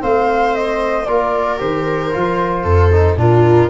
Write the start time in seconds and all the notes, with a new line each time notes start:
0.00 A3 C4 C5 F5
0.55 D#5
1.06 A#3 F4 A#4 D5
1.58 D#3 G4 C5
2.12 F3 F4
2.64 F2 A4
2.92 D#4
3.16 A#2 D4 F4 A#4